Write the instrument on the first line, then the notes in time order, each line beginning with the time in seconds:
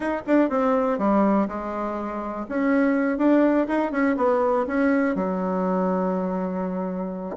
bassoon
0.00 D#4
0.26 D4
0.49 C4
0.98 G3
1.48 G#3
2.48 C#4
3.18 D4
3.67 D#4
3.91 C#4
4.16 B3
4.67 C#4
5.15 F#3